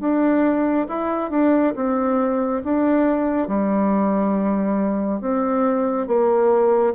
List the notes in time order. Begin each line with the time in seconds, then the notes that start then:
0.00 D4
0.89 E4
1.31 D4
1.76 C4
2.64 D4
3.48 G3
5.21 C4
6.08 A#3